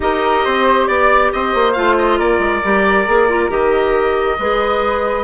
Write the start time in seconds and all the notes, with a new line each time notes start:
0.00 D#4 G4 A#4 D#5
0.45 C4 C5
0.87 B3 D5
1.32 C4 C5 D#5
1.54 A#3
1.72 A3 F4 F5
1.98 D#5
2.17 A#3 A#4 D5
2.38 G#3
2.63 G3 G4
3.06 A#3 G#4
3.28 F4
3.49 D#3 G4 D#5
4.39 G#3 G#4 B4